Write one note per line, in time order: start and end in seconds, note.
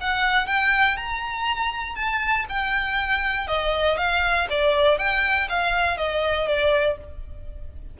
0.00 0.46 F#5
0.46 0.96 G5
0.96 1.95 A#5
1.95 2.45 A5
2.49 3.47 G5
3.47 3.97 D#5
3.97 4.47 F5
4.49 4.98 D5
4.98 5.48 G5
5.49 5.97 F5
5.97 6.47 D#5
6.47 6.97 D5